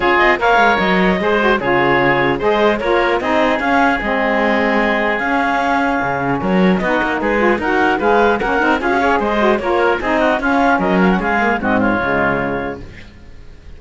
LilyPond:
<<
  \new Staff \with { instrumentName = "clarinet" } { \time 4/4 \tempo 4 = 150 cis''8 dis''8 f''4 dis''2 | cis''2 dis''4 cis''4 | dis''4 f''4 dis''2~ | dis''4 f''2. |
cis''4 dis''4 b'4 fis''4 | f''4 fis''4 f''4 dis''4 | cis''4 dis''4 f''4 dis''8 f''16 fis''16 | f''4 dis''8 cis''2~ cis''8 | }
  \new Staff \with { instrumentName = "oboe" } { \time 4/4 gis'4 cis''2 c''4 | gis'2 c''4 ais'4 | gis'1~ | gis'1 |
ais'4 fis'4 gis'4 ais'4 | b'4 ais'4 gis'8 cis''8 c''4 | ais'4 gis'8 fis'8 f'4 ais'4 | gis'4 fis'8 f'2~ f'8 | }
  \new Staff \with { instrumentName = "saxophone" } { \time 4/4 f'4 ais'2 gis'8 fis'8 | f'2 gis'4 f'4 | dis'4 cis'4 c'2~ | c'4 cis'2.~ |
cis'4 dis'4. f'8 fis'4 | gis'4 cis'8 dis'8 f'16 fis'16 gis'4 fis'8 | f'4 dis'4 cis'2~ | cis'8 ais8 c'4 gis2 | }
  \new Staff \with { instrumentName = "cello" } { \time 4/4 cis'8 c'8 ais8 gis8 fis4 gis4 | cis2 gis4 ais4 | c'4 cis'4 gis2~ | gis4 cis'2 cis4 |
fis4 b8 ais8 gis4 dis'4 | gis4 ais8 c'8 cis'4 gis4 | ais4 c'4 cis'4 fis4 | gis4 gis,4 cis2 | }
>>